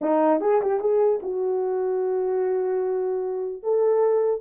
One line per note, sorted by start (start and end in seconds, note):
0.01 0.40 D#4
0.40 0.61 G#4
0.61 0.80 G4
0.80 1.20 G#4
1.22 3.62 F#4
3.62 4.40 A4